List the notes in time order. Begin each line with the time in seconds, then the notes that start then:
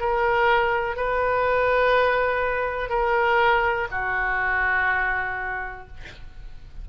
0.00 A#4
0.96 B4
2.89 A#4
3.91 F#4